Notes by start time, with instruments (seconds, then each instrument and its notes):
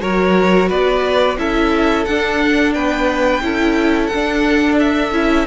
0.00 cello F#3, viola F#4, violin A#4 C#5
0.69 cello B3, violin B4 D5
1.37 cello C#4, viola E4, violin A4 E5
2.05 cello D4, viola D4, violin F#5
2.73 cello B3, violin B4 G5
3.41 cello C#4, viola E4, violin A4
4.06 violin F#5
4.13 cello D4, viola D4
4.79 violin E5
5.11 cello C#4, viola E4